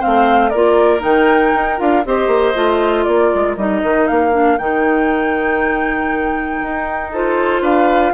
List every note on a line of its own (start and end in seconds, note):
0.00 0.54 A3
0.00 0.51 C4
0.00 0.51 C5
0.00 0.50 F5
0.50 1.04 A#3
0.50 1.00 F4
0.50 2.03 A#4
0.50 1.00 D5
1.00 1.54 D#3
1.00 1.76 D#4
1.00 1.80 G5
1.54 1.80 D#4
1.78 2.06 D4
1.78 2.03 F4
1.78 2.05 F5
2.06 2.28 C4
2.06 2.55 G4
2.06 3.06 C5
2.06 3.04 D#5
2.28 2.53 A#3
2.55 3.07 A3
2.55 3.57 F4
3.04 3.33 A#3
3.04 7.12 A#4
3.04 3.55 D5
3.35 3.57 G#3
3.57 3.83 G3
3.57 4.32 D#4
3.57 4.08 D#5
3.84 4.09 D#3
4.08 4.59 A#3
4.08 4.58 F5
4.32 4.58 D4
4.58 6.63 D#3
4.58 7.14 D#4
4.58 7.13 G5
6.63 7.62 D#4
7.12 8.14 F4
7.12 7.63 A4
7.12 7.65 C5
7.62 8.13 D4
7.62 8.13 B4
7.62 8.14 F5